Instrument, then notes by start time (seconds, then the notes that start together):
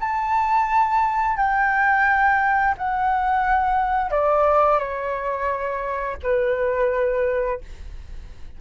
flute
0.00 A5
1.37 G5
2.78 F#5
4.11 D5
4.79 C#5
6.23 B4